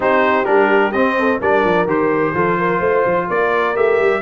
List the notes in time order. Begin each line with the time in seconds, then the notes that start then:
0.00 C4 D#4 G4 C5
0.44 G3 D4 A#4
0.92 C4 D#5
1.18 A4
1.40 G3 D4 A#4 D5
1.64 F3
1.86 D#3 G4 C5
2.33 F3 F4 A4
2.58 A#4
2.79 A3 C5
3.05 F3
3.29 A#3 A#4 D5
3.75 A3 G4 E5
3.99 G3